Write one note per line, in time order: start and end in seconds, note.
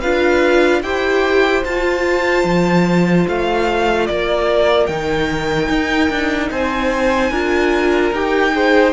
0.00 0.82 D4
0.00 0.83 F4
0.00 0.81 B4
0.00 0.82 F5
0.82 1.63 E4
0.82 1.64 G4
0.82 4.07 C5
0.82 1.63 G5
1.64 2.44 F4
1.64 4.89 F4
1.64 3.26 A5
2.44 3.25 F3
3.27 4.09 A3
3.27 4.06 F5
4.06 4.88 A#3
4.06 6.50 A#4
4.06 4.86 D5
4.86 5.68 D#3
4.86 7.32 D#4
4.86 6.48 G5
5.68 6.09 D#4
6.09 6.50 D4
6.50 7.30 C4
6.50 7.30 C5
6.50 8.13 G#5
7.30 8.11 D4
7.30 8.13 F4
7.30 8.52 A#4
8.12 8.93 D#4
8.12 8.52 G4
8.12 8.93 G5
8.52 8.92 G#4
8.52 8.93 C5